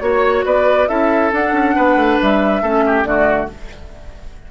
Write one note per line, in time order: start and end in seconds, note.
0.00 0.44 A#3
0.00 0.87 F#4
0.00 0.43 C#5
0.00 0.45 C#5
0.45 0.88 B3
0.45 0.88 B4
0.45 0.88 D5
0.87 1.32 C#4
0.87 1.31 E4
0.87 1.75 A4
0.87 1.31 E5
1.32 1.52 D4
1.32 2.63 D4
1.32 2.20 F#5
1.52 1.74 C#4
1.75 1.96 B3
1.75 2.62 B4
1.96 2.17 A3
2.21 2.62 G3
2.21 3.05 E5
2.62 3.04 A3
2.62 3.05 C#4
2.62 2.84 A4
2.86 3.07 G4
3.04 3.48 D3
3.04 3.48 A3
3.04 3.51 F#4
3.04 3.48 D5